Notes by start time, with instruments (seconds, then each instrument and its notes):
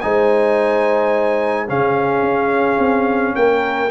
0.00 tuba G#3, trombone D#4, horn C5, trumpet G#5
1.67 tuba C#3, trombone C#4, horn G#4, trumpet F5
2.22 tuba C#4
2.79 tuba C4
3.35 tuba A#3, horn A#4, trumpet G5